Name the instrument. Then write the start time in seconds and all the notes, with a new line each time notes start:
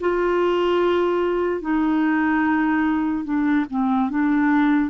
clarinet
0.00 F4
1.61 D#4
3.24 D4
3.70 C4
4.10 D4